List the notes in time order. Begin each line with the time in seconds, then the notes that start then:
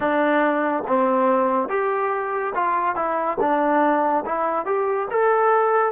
0.00 D4
0.87 C4
1.69 G4
2.54 F4
2.95 E4
3.40 D4
4.25 E4
4.65 G4
5.10 A4